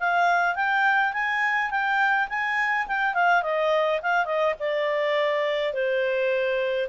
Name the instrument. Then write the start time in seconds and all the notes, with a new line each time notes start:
clarinet
0.00 F5
0.56 G5
1.13 G#5
1.71 G5
2.29 G#5
2.88 G5
3.14 F5
3.43 D#5
4.02 F5
4.26 D#5
4.60 D5
5.74 C5